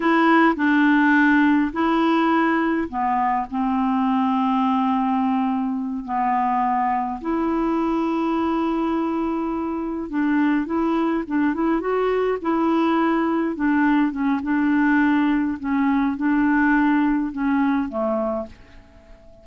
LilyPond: \new Staff \with { instrumentName = "clarinet" } { \time 4/4 \tempo 4 = 104 e'4 d'2 e'4~ | e'4 b4 c'2~ | c'2~ c'8 b4.~ | b8 e'2.~ e'8~ |
e'4. d'4 e'4 d'8 | e'8 fis'4 e'2 d'8~ | d'8 cis'8 d'2 cis'4 | d'2 cis'4 a4 | }